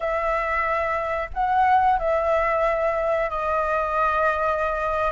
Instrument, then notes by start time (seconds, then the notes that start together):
flute
0.00 E5
1.33 F#5
1.99 E5
3.30 D#5